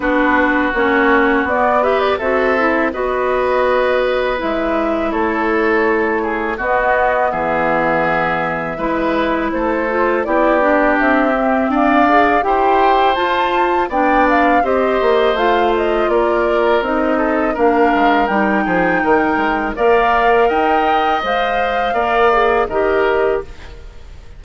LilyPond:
<<
  \new Staff \with { instrumentName = "flute" } { \time 4/4 \tempo 4 = 82 b'4 cis''4 d''8 e''16 d''16 e''4 | dis''2 e''4 cis''4~ | cis''4 dis''4 e''2~ | e''4 c''4 d''4 e''4 |
f''4 g''4 a''4 g''8 f''8 | dis''4 f''8 dis''8 d''4 dis''4 | f''4 g''2 f''4 | g''4 f''2 dis''4 | }
  \new Staff \with { instrumentName = "oboe" } { \time 4/4 fis'2~ fis'8 b'8 a'4 | b'2. a'4~ | a'8 gis'8 fis'4 gis'2 | b'4 a'4 g'2 |
d''4 c''2 d''4 | c''2 ais'4. a'8 | ais'4. gis'8 ais'4 d''4 | dis''2 d''4 ais'4 | }
  \new Staff \with { instrumentName = "clarinet" } { \time 4/4 d'4 cis'4 b8 g'8 fis'8 e'8 | fis'2 e'2~ | e'4 b2. | e'4. f'8 e'8 d'4 c'8~ |
c'8 gis'8 g'4 f'4 d'4 | g'4 f'2 dis'4 | d'4 dis'2 ais'4~ | ais'4 c''4 ais'8 gis'8 g'4 | }
  \new Staff \with { instrumentName = "bassoon" } { \time 4/4 b4 ais4 b4 c'4 | b2 gis4 a4~ | a4 b4 e2 | gis4 a4 b4 c'4 |
d'4 e'4 f'4 b4 | c'8 ais8 a4 ais4 c'4 | ais8 gis8 g8 f8 dis8 gis8 ais4 | dis'4 gis4 ais4 dis4 | }
>>